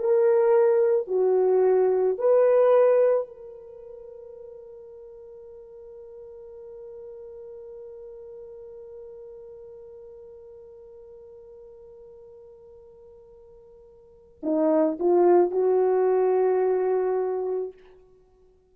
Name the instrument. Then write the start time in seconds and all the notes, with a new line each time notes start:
horn
0.00 A#4
1.08 F#4
2.19 B4
3.28 A#4
14.43 D#4
15.00 F4
15.52 F#4